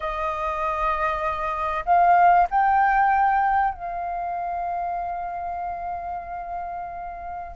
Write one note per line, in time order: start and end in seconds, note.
0.00 1.84 D#5
1.85 2.47 F5
2.50 3.74 G5
3.74 7.55 F5